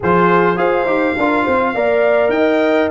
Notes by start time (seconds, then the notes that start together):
0.00 F3 F4 G#4 C5
0.56 F4 G#4 C5 F5
0.85 D#4 G4
1.17 D4 F4 A#4
1.44 C4 C5
1.74 A#3 A#4 D5
2.28 D#4 D#5 G5